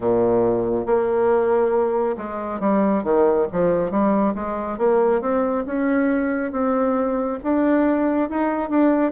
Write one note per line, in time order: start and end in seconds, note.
0.00 0.85 A#2
0.85 2.16 A#3
2.17 2.60 G#3
2.60 3.03 G3
3.03 3.47 D#3
3.51 3.90 F3
3.90 4.34 G3
4.34 4.78 G#3
4.78 5.21 A#3
5.21 5.64 C4
5.66 6.51 C#4
6.51 7.38 C4
7.43 8.29 D4
8.29 8.69 D#4
8.69 9.11 D4